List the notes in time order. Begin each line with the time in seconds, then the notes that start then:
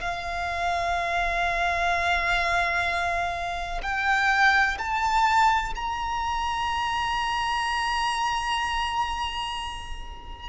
0.00 F5
3.82 G5
4.78 A5
5.75 A#5